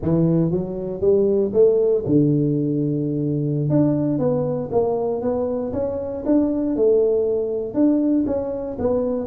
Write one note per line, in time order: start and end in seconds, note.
0.02 0.51 E3
0.51 1.00 F#3
1.00 1.51 G3
1.53 2.04 A3
2.05 3.69 D3
3.69 4.19 D4
4.19 4.69 B3
4.71 5.21 A#3
5.21 5.72 B3
5.72 6.23 C#4
6.25 6.76 D4
6.76 7.74 A3
7.74 8.25 D4
8.26 8.77 C#4
8.79 9.27 B3